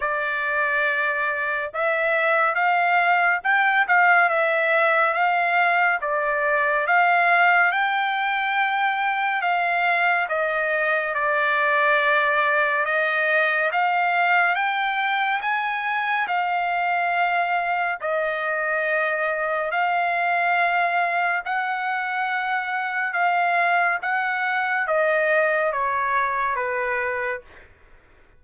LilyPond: \new Staff \with { instrumentName = "trumpet" } { \time 4/4 \tempo 4 = 70 d''2 e''4 f''4 | g''8 f''8 e''4 f''4 d''4 | f''4 g''2 f''4 | dis''4 d''2 dis''4 |
f''4 g''4 gis''4 f''4~ | f''4 dis''2 f''4~ | f''4 fis''2 f''4 | fis''4 dis''4 cis''4 b'4 | }